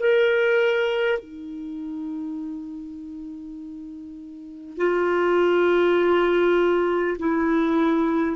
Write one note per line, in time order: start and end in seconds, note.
0.00 1.19 A#4
1.19 4.78 D#4
4.78 7.18 F4
7.19 8.37 E4